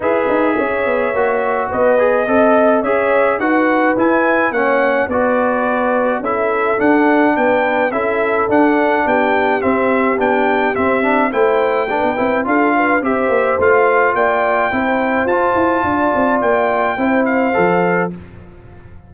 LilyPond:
<<
  \new Staff \with { instrumentName = "trumpet" } { \time 4/4 \tempo 4 = 106 e''2. dis''4~ | dis''4 e''4 fis''4 gis''4 | fis''4 d''2 e''4 | fis''4 g''4 e''4 fis''4 |
g''4 e''4 g''4 e''4 | g''2 f''4 e''4 | f''4 g''2 a''4~ | a''4 g''4. f''4. | }
  \new Staff \with { instrumentName = "horn" } { \time 4/4 b'4 cis''2 b'4 | dis''4 cis''4 b'2 | cis''4 b'2 a'4~ | a'4 b'4 a'2 |
g'1 | c''4 b'4 a'8 b'8 c''4~ | c''4 d''4 c''2 | d''2 c''2 | }
  \new Staff \with { instrumentName = "trombone" } { \time 4/4 gis'2 fis'4. gis'8 | a'4 gis'4 fis'4 e'4 | cis'4 fis'2 e'4 | d'2 e'4 d'4~ |
d'4 c'4 d'4 c'8 d'8 | e'4 d'8 e'8 f'4 g'4 | f'2 e'4 f'4~ | f'2 e'4 a'4 | }
  \new Staff \with { instrumentName = "tuba" } { \time 4/4 e'8 dis'8 cis'8 b8 ais4 b4 | c'4 cis'4 dis'4 e'4 | ais4 b2 cis'4 | d'4 b4 cis'4 d'4 |
b4 c'4 b4 c'4 | a4~ a16 b16 c'8 d'4 c'8 ais8 | a4 ais4 c'4 f'8 e'8 | d'8 c'8 ais4 c'4 f4 | }
>>